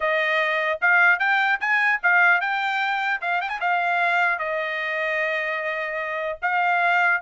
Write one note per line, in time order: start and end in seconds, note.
0.00 0.79 D#5
0.81 1.19 F5
1.19 1.59 G5
1.60 2.00 G#5
2.02 2.40 F5
2.40 3.20 G5
3.21 3.41 F5
3.41 3.49 G5
3.49 3.59 G#5
3.60 4.38 F5
4.38 6.38 D#5
6.41 7.21 F5